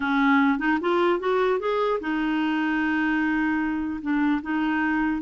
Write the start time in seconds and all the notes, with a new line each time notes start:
0.00 C#4
0.59 D#4
0.80 F4
1.19 F#4
1.59 G#4
2.00 D#4
4.01 D4
4.42 D#4